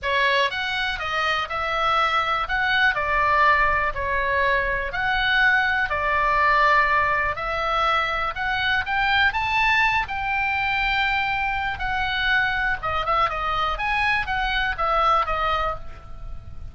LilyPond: \new Staff \with { instrumentName = "oboe" } { \time 4/4 \tempo 4 = 122 cis''4 fis''4 dis''4 e''4~ | e''4 fis''4 d''2 | cis''2 fis''2 | d''2. e''4~ |
e''4 fis''4 g''4 a''4~ | a''8 g''2.~ g''8 | fis''2 dis''8 e''8 dis''4 | gis''4 fis''4 e''4 dis''4 | }